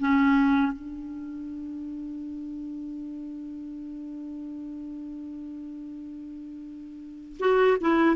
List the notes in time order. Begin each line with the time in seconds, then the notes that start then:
0.00 C#4
0.72 D4
7.40 F#4
7.81 E4